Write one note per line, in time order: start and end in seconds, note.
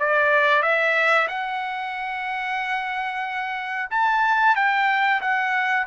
0.00 0.63 D5
0.63 1.28 E5
1.28 3.89 F#5
3.90 4.56 A5
4.56 5.21 G5
5.21 5.87 F#5